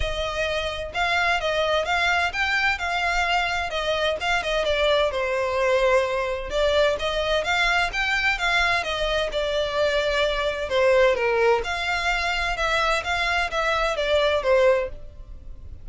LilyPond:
\new Staff \with { instrumentName = "violin" } { \time 4/4 \tempo 4 = 129 dis''2 f''4 dis''4 | f''4 g''4 f''2 | dis''4 f''8 dis''8 d''4 c''4~ | c''2 d''4 dis''4 |
f''4 g''4 f''4 dis''4 | d''2. c''4 | ais'4 f''2 e''4 | f''4 e''4 d''4 c''4 | }